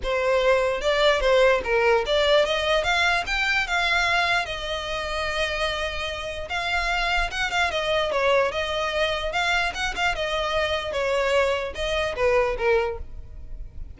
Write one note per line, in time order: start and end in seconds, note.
0.03 0.81 C5
0.81 1.20 D5
1.20 1.61 C5
1.64 2.04 A#4
2.05 2.45 D5
2.45 2.83 D#5
2.83 3.24 F5
3.26 3.67 G5
3.67 4.45 F5
4.45 6.48 D#5
6.49 7.30 F5
7.30 7.51 F#5
7.51 7.70 F5
7.70 8.11 D#5
8.11 8.51 C#5
8.51 9.32 D#5
9.32 9.72 F5
9.74 9.94 F#5
9.95 10.15 F5
10.15 10.92 D#5
10.92 11.73 C#5
11.74 12.15 D#5
12.15 12.56 B4
12.57 12.98 A#4